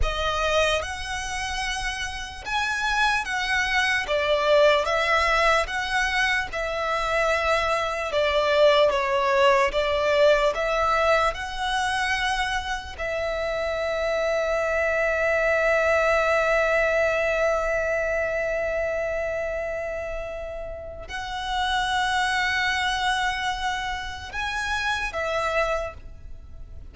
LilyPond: \new Staff \with { instrumentName = "violin" } { \time 4/4 \tempo 4 = 74 dis''4 fis''2 gis''4 | fis''4 d''4 e''4 fis''4 | e''2 d''4 cis''4 | d''4 e''4 fis''2 |
e''1~ | e''1~ | e''2 fis''2~ | fis''2 gis''4 e''4 | }